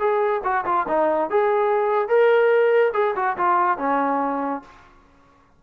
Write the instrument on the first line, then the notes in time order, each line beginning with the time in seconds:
trombone
0.00 G#4
0.44 F#4
0.66 F4
0.88 D#4
1.30 G#4
2.09 A#4
2.94 G#4
3.16 F#4
3.38 F4
3.78 C#4